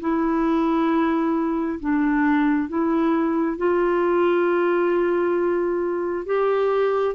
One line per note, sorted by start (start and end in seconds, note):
0.00 1.79 E4
1.80 2.68 D4
2.68 3.57 E4
3.57 6.26 F4
6.26 7.15 G4